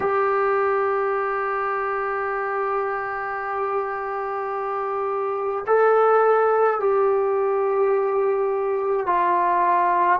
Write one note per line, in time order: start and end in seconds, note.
0.00 5.65 G4
5.66 6.79 A4
6.80 9.06 G4
9.06 10.19 F4